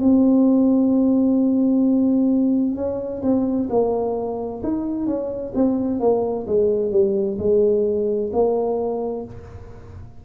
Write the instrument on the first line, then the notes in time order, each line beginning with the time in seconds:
tuba
0.00 C4
2.76 C#4
3.23 C4
3.70 A#3
4.64 D#4
5.07 C#4
5.55 C4
6.00 A#3
6.47 G#3
6.92 G3
7.39 G#3
8.33 A#3